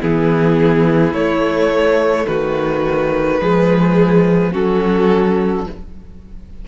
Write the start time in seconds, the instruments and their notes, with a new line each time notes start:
0.00 cello E3, viola B3, violin E4 G#4
1.13 cello A3, viola A3, violin C#5
2.27 cello D#3, violin F#4 B4
3.41 cello F3, viola G#3, violin G#4
4.52 cello F#3, viola C#4, violin F#4 A4